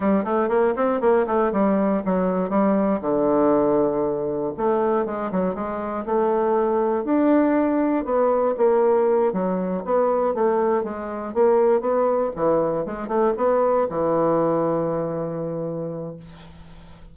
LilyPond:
\new Staff \with { instrumentName = "bassoon" } { \time 4/4 \tempo 4 = 119 g8 a8 ais8 c'8 ais8 a8 g4 | fis4 g4 d2~ | d4 a4 gis8 fis8 gis4 | a2 d'2 |
b4 ais4. fis4 b8~ | b8 a4 gis4 ais4 b8~ | b8 e4 gis8 a8 b4 e8~ | e1 | }